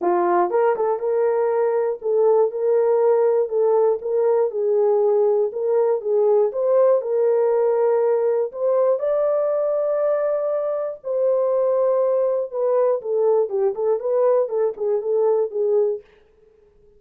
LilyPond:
\new Staff \with { instrumentName = "horn" } { \time 4/4 \tempo 4 = 120 f'4 ais'8 a'8 ais'2 | a'4 ais'2 a'4 | ais'4 gis'2 ais'4 | gis'4 c''4 ais'2~ |
ais'4 c''4 d''2~ | d''2 c''2~ | c''4 b'4 a'4 g'8 a'8 | b'4 a'8 gis'8 a'4 gis'4 | }